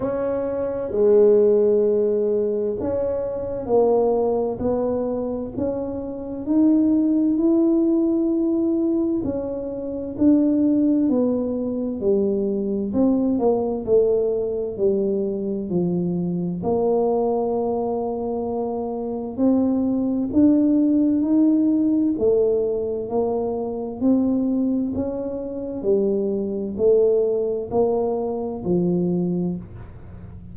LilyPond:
\new Staff \with { instrumentName = "tuba" } { \time 4/4 \tempo 4 = 65 cis'4 gis2 cis'4 | ais4 b4 cis'4 dis'4 | e'2 cis'4 d'4 | b4 g4 c'8 ais8 a4 |
g4 f4 ais2~ | ais4 c'4 d'4 dis'4 | a4 ais4 c'4 cis'4 | g4 a4 ais4 f4 | }